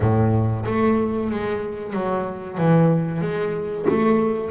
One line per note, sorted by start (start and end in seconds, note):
0.00 0.65 A2
0.65 1.30 A3
1.30 1.93 G#3
1.93 2.57 F#3
2.57 3.21 E3
3.21 3.85 G#3
3.89 4.50 A3